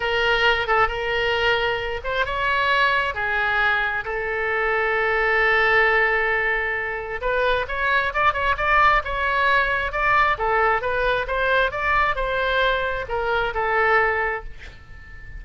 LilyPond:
\new Staff \with { instrumentName = "oboe" } { \time 4/4 \tempo 4 = 133 ais'4. a'8 ais'2~ | ais'8 c''8 cis''2 gis'4~ | gis'4 a'2.~ | a'1 |
b'4 cis''4 d''8 cis''8 d''4 | cis''2 d''4 a'4 | b'4 c''4 d''4 c''4~ | c''4 ais'4 a'2 | }